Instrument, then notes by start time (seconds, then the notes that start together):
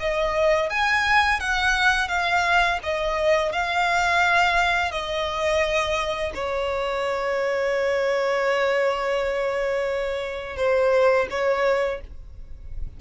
violin
0.00 D#5
0.70 G#5
1.40 F#5
2.08 F5
2.83 D#5
3.52 F5
4.91 D#5
6.34 C#5
10.57 C5
11.30 C#5